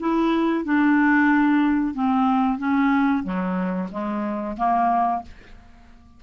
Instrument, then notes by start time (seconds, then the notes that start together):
clarinet
0.00 E4
0.65 D4
1.94 C4
2.58 C#4
3.24 F#3
3.92 G#3
4.57 A#3